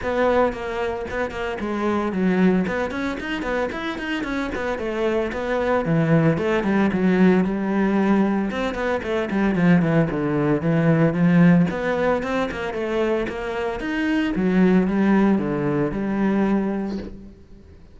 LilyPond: \new Staff \with { instrumentName = "cello" } { \time 4/4 \tempo 4 = 113 b4 ais4 b8 ais8 gis4 | fis4 b8 cis'8 dis'8 b8 e'8 dis'8 | cis'8 b8 a4 b4 e4 | a8 g8 fis4 g2 |
c'8 b8 a8 g8 f8 e8 d4 | e4 f4 b4 c'8 ais8 | a4 ais4 dis'4 fis4 | g4 d4 g2 | }